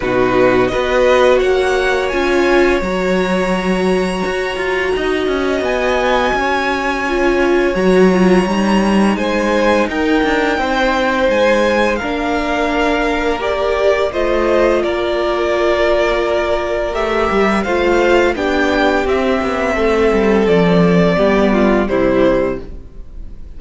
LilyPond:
<<
  \new Staff \with { instrumentName = "violin" } { \time 4/4 \tempo 4 = 85 b'4 dis''4 fis''4 gis''4 | ais''1 | gis''2. ais''4~ | ais''4 gis''4 g''2 |
gis''4 f''2 d''4 | dis''4 d''2. | e''4 f''4 g''4 e''4~ | e''4 d''2 c''4 | }
  \new Staff \with { instrumentName = "violin" } { \time 4/4 fis'4 b'4 cis''2~ | cis''2. dis''4~ | dis''4 cis''2.~ | cis''4 c''4 ais'4 c''4~ |
c''4 ais'2. | c''4 ais'2.~ | ais'4 c''4 g'2 | a'2 g'8 f'8 e'4 | }
  \new Staff \with { instrumentName = "viola" } { \time 4/4 dis'4 fis'2 f'4 | fis'1~ | fis'2 f'4 fis'8 f'8 | dis'1~ |
dis'4 d'2 g'4 | f'1 | g'4 f'4 d'4 c'4~ | c'2 b4 g4 | }
  \new Staff \with { instrumentName = "cello" } { \time 4/4 b,4 b4 ais4 cis'4 | fis2 fis'8 f'8 dis'8 cis'8 | b4 cis'2 fis4 | g4 gis4 dis'8 d'8 c'4 |
gis4 ais2. | a4 ais2. | a8 g8 a4 b4 c'8 b8 | a8 g8 f4 g4 c4 | }
>>